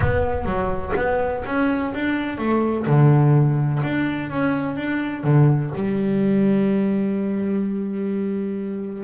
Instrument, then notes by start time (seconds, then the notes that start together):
double bass
0.00 B3
0.45 F#3
0.96 B3
1.45 C#4
1.94 D4
2.38 A3
2.86 D3
3.83 D4
4.30 C#4
4.76 D4
5.23 D3
5.75 G3